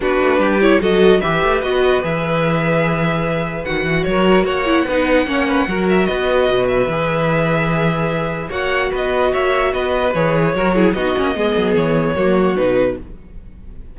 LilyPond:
<<
  \new Staff \with { instrumentName = "violin" } { \time 4/4 \tempo 4 = 148 b'4. cis''8 dis''4 e''4 | dis''4 e''2.~ | e''4 fis''4 cis''4 fis''4~ | fis''2~ fis''8 e''8 dis''4~ |
dis''8 e''2.~ e''8~ | e''4 fis''4 dis''4 e''4 | dis''4 cis''2 dis''4~ | dis''4 cis''2 b'4 | }
  \new Staff \with { instrumentName = "violin" } { \time 4/4 fis'4 g'4 a'4 b'4~ | b'1~ | b'2 ais'4 cis''4 | b'4 cis''8 b'8 ais'4 b'4~ |
b'1~ | b'4 cis''4 b'4 cis''4 | b'2 ais'8 gis'8 fis'4 | gis'2 fis'2 | }
  \new Staff \with { instrumentName = "viola" } { \time 4/4 d'4. e'8 fis'4 g'4 | fis'4 gis'2.~ | gis'4 fis'2~ fis'8 e'8 | dis'4 cis'4 fis'2~ |
fis'4 gis'2.~ | gis'4 fis'2.~ | fis'4 gis'4 fis'8 e'8 dis'8 cis'8 | b2 ais4 dis'4 | }
  \new Staff \with { instrumentName = "cello" } { \time 4/4 b8 a8 g4 fis4 e8 a8 | b4 e2.~ | e4 dis8 e8 fis4 ais4 | b4 ais4 fis4 b4 |
b,4 e2.~ | e4 ais4 b4 ais4 | b4 e4 fis4 b8 ais8 | gis8 fis8 e4 fis4 b,4 | }
>>